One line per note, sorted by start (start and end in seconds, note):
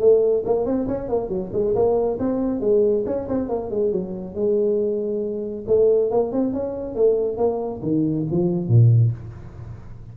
0.00 0.43 A3
0.45 0.66 A#3
0.66 0.87 C4
0.88 1.09 C#4
1.09 1.29 A#3
1.29 1.51 F#3
1.53 1.75 G#3
1.75 2.19 A#3
2.19 2.60 C4
2.60 3.04 G#3
3.06 3.28 C#4
3.28 3.49 C4
3.49 3.70 A#3
3.70 3.92 G#3
3.92 4.35 F#3
4.35 5.65 G#3
5.67 6.11 A3
6.11 6.32 A#3
6.32 6.54 C4
6.54 6.95 C#4
6.95 7.37 A3
7.37 7.81 A#3
7.83 8.26 D#3
8.31 8.68 F3
8.68 9.12 A#2